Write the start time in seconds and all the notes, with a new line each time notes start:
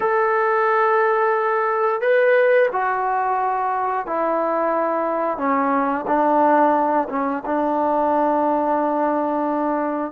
0.00 A4
2.01 B4
2.72 F#4
4.06 E4
5.37 C#4
6.07 D4
7.09 C#4
7.45 D4